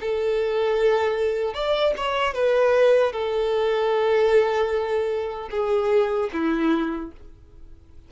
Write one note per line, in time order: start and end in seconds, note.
0.00 1.54 A4
1.54 1.93 D5
1.97 2.34 C#5
2.34 3.12 B4
3.12 5.49 A4
5.50 6.29 G#4
6.32 7.11 E4